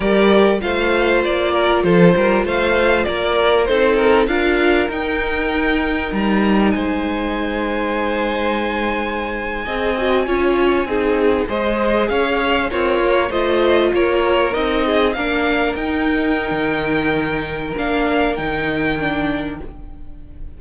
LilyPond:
<<
  \new Staff \with { instrumentName = "violin" } { \time 4/4 \tempo 4 = 98 d''4 f''4 d''4 c''4 | f''4 d''4 c''8 ais'8 f''4 | g''2 ais''4 gis''4~ | gis''1~ |
gis''2~ gis''8. dis''4 f''16~ | f''8. cis''4 dis''4 cis''4 dis''16~ | dis''8. f''4 g''2~ g''16~ | g''4 f''4 g''2 | }
  \new Staff \with { instrumentName = "violin" } { \time 4/4 ais'4 c''4. ais'8 a'8 ais'8 | c''4 ais'4 a'4 ais'4~ | ais'2. c''4~ | c''2.~ c''8. dis''16~ |
dis''8. cis''4 gis'4 c''4 cis''16~ | cis''8. f'4 c''4 ais'4~ ais'16~ | ais'16 gis'8 ais'2.~ ais'16~ | ais'1 | }
  \new Staff \with { instrumentName = "viola" } { \time 4/4 g'4 f'2.~ | f'2 dis'4 f'4 | dis'1~ | dis'2.~ dis'8. gis'16~ |
gis'16 fis'8 f'4 dis'4 gis'4~ gis'16~ | gis'8. ais'4 f'2 dis'16~ | dis'8. d'4 dis'2~ dis'16~ | dis'4 d'4 dis'4 d'4 | }
  \new Staff \with { instrumentName = "cello" } { \time 4/4 g4 a4 ais4 f8 g8 | a4 ais4 c'4 d'4 | dis'2 g4 gis4~ | gis2.~ gis8. c'16~ |
c'8. cis'4 c'4 gis4 cis'16~ | cis'8. c'8 ais8 a4 ais4 c'16~ | c'8. ais4 dis'4~ dis'16 dis4~ | dis4 ais4 dis2 | }
>>